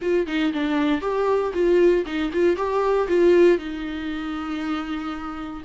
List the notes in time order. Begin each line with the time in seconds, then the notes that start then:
0.01 F4
0.26 D#4
0.53 D4
1.01 G4
1.53 F4
2.06 D#4
2.32 F4
2.56 G4
3.07 F4
3.58 D#4